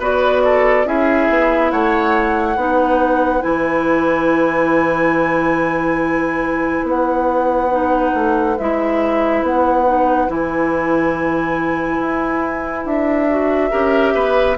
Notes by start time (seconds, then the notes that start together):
0.00 B3 F#4 B4 D5
0.44 A4
0.86 C#4 E4 G#4 E5
1.29 B3
1.71 A3 C#5 F#5
2.57 B3 D#4 B4
3.41 E3 E4 G#5
6.84 B3 F#5
7.71 D#4
8.15 A3
8.59 G#3 E4 E5
9.43 B3 F#5
9.86 D#4
10.28 E3 E4 G#5
12.00 E4
12.86 D4 E5
13.29 F#4
13.71 C#4 G4 A#4
14.15 B3 B4